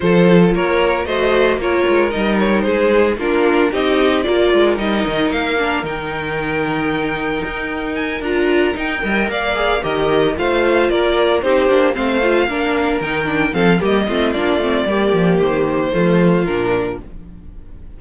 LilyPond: <<
  \new Staff \with { instrumentName = "violin" } { \time 4/4 \tempo 4 = 113 c''4 cis''4 dis''4 cis''4 | dis''8 cis''8 c''4 ais'4 dis''4 | d''4 dis''4 f''4 g''4~ | g''2. gis''8 ais''8~ |
ais''8 g''4 f''4 dis''4 f''8~ | f''8 d''4 c''4 f''4.~ | f''8 g''4 f''8 dis''4 d''4~ | d''4 c''2 ais'4 | }
  \new Staff \with { instrumentName = "violin" } { \time 4/4 a'4 ais'4 c''4 ais'4~ | ais'4 gis'4 f'4 g'4 | ais'1~ | ais'1~ |
ais'4 dis''8 d''4 ais'4 c''8~ | c''8 ais'4 g'4 c''4 ais'8~ | ais'4. a'8 g'8 f'4. | g'2 f'2 | }
  \new Staff \with { instrumentName = "viola" } { \time 4/4 f'2 fis'4 f'4 | dis'2 d'4 dis'4 | f'4 dis'4. d'8 dis'4~ | dis'2.~ dis'8 f'8~ |
f'8 dis'8 ais'4 gis'8 g'4 f'8~ | f'4. dis'8 d'8 c'8 f'8 d'8~ | d'8 dis'8 d'8 c'8 ais8 c'8 d'8 c'8 | ais2 a4 d'4 | }
  \new Staff \with { instrumentName = "cello" } { \time 4/4 f4 ais4 a4 ais8 gis8 | g4 gis4 ais4 c'4 | ais8 gis8 g8 dis8 ais4 dis4~ | dis2 dis'4. d'8~ |
d'8 dis'8 g8 ais4 dis4 a8~ | a8 ais4 c'8 ais8 a4 ais8~ | ais8 dis4 f8 g8 a8 ais8 a8 | g8 f8 dis4 f4 ais,4 | }
>>